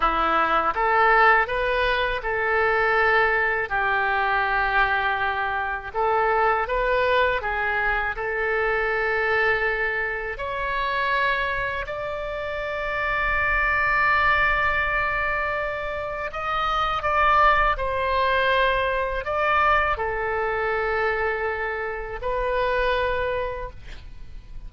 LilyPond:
\new Staff \with { instrumentName = "oboe" } { \time 4/4 \tempo 4 = 81 e'4 a'4 b'4 a'4~ | a'4 g'2. | a'4 b'4 gis'4 a'4~ | a'2 cis''2 |
d''1~ | d''2 dis''4 d''4 | c''2 d''4 a'4~ | a'2 b'2 | }